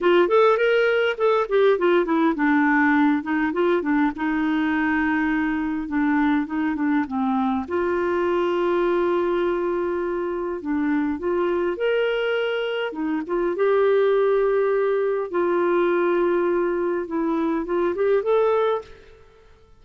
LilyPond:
\new Staff \with { instrumentName = "clarinet" } { \time 4/4 \tempo 4 = 102 f'8 a'8 ais'4 a'8 g'8 f'8 e'8 | d'4. dis'8 f'8 d'8 dis'4~ | dis'2 d'4 dis'8 d'8 | c'4 f'2.~ |
f'2 d'4 f'4 | ais'2 dis'8 f'8 g'4~ | g'2 f'2~ | f'4 e'4 f'8 g'8 a'4 | }